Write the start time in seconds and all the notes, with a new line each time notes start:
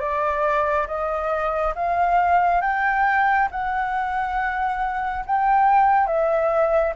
0.00 D5
0.87 D#5
1.75 F5
2.61 G5
3.51 F#5
5.26 G5
6.07 E5